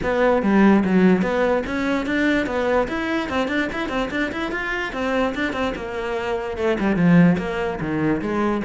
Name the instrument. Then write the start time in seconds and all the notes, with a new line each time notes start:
cello
0.02 B3
0.42 G3
0.84 F#3
1.21 B3
1.66 C#4
2.06 D4
2.46 B3
2.88 E4
3.29 C4
3.47 D4
3.72 E4
3.88 C4
4.11 D4
4.32 E4
4.51 F4
4.93 C4
5.34 D4
5.53 C4
5.75 A#3
6.57 A3
6.79 G3
6.95 F3
7.38 A#3
7.80 D#3
8.21 G#3